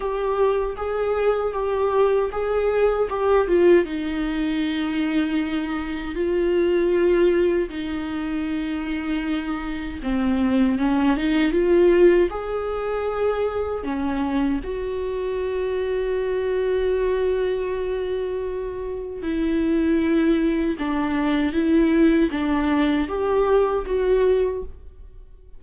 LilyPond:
\new Staff \with { instrumentName = "viola" } { \time 4/4 \tempo 4 = 78 g'4 gis'4 g'4 gis'4 | g'8 f'8 dis'2. | f'2 dis'2~ | dis'4 c'4 cis'8 dis'8 f'4 |
gis'2 cis'4 fis'4~ | fis'1~ | fis'4 e'2 d'4 | e'4 d'4 g'4 fis'4 | }